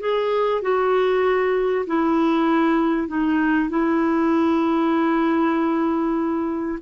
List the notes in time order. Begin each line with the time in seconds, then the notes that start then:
0.00 G#4
0.62 F#4
1.87 E4
3.08 D#4
3.69 E4